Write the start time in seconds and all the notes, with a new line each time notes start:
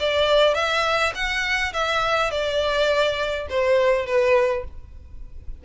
0.00 D5
0.55 E5
1.15 F#5
1.73 E5
2.31 D5
3.50 C5
4.06 B4